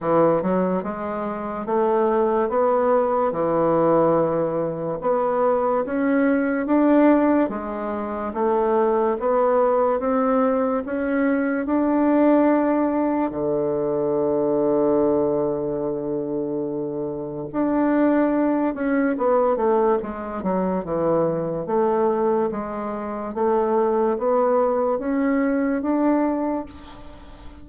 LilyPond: \new Staff \with { instrumentName = "bassoon" } { \time 4/4 \tempo 4 = 72 e8 fis8 gis4 a4 b4 | e2 b4 cis'4 | d'4 gis4 a4 b4 | c'4 cis'4 d'2 |
d1~ | d4 d'4. cis'8 b8 a8 | gis8 fis8 e4 a4 gis4 | a4 b4 cis'4 d'4 | }